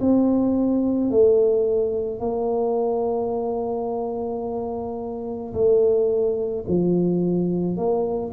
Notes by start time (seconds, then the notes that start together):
0.00 C4
1.10 A3
2.20 A#3
5.54 A3
6.68 F3
7.77 A#3